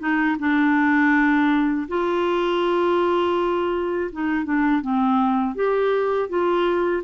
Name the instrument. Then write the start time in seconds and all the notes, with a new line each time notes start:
clarinet
0.00 D#4
0.40 D4
1.89 F4
4.12 D#4
4.45 D4
4.82 C4
5.55 G4
6.29 F4